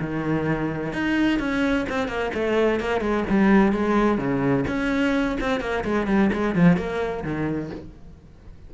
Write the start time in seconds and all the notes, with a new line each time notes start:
0.00 D#3
0.93 D#4
1.39 C#4
1.89 C4
2.08 A#3
2.34 A3
2.80 A#3
3.00 G#3
3.29 G3
3.72 G#3
4.18 C#3
4.67 C#4
5.40 C4
5.60 A#3
5.84 G#3
6.07 G3
6.33 G#3
6.55 F3
6.77 A#3
7.23 D#3